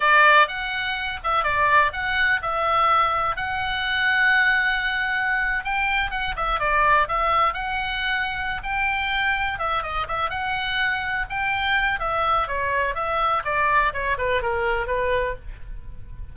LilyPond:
\new Staff \with { instrumentName = "oboe" } { \time 4/4 \tempo 4 = 125 d''4 fis''4. e''8 d''4 | fis''4 e''2 fis''4~ | fis''2.~ fis''8. g''16~ | g''8. fis''8 e''8 d''4 e''4 fis''16~ |
fis''2 g''2 | e''8 dis''8 e''8 fis''2 g''8~ | g''4 e''4 cis''4 e''4 | d''4 cis''8 b'8 ais'4 b'4 | }